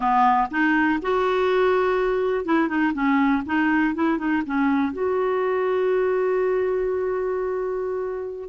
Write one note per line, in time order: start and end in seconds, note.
0.00 0.48 B3
0.50 0.99 D#4
1.02 2.45 F#4
2.45 2.68 E4
2.68 2.93 D#4
2.93 3.42 C#4
3.46 3.94 D#4
3.94 4.17 E4
4.17 4.42 D#4
4.46 4.92 C#4
4.92 8.49 F#4